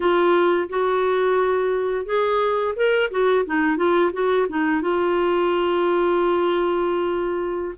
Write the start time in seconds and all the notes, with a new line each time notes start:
0.00 F4
0.69 F#4
2.05 G#4
2.76 A#4
3.10 F#4
3.45 D#4
3.76 F4
4.13 F#4
4.48 D#4
4.81 F4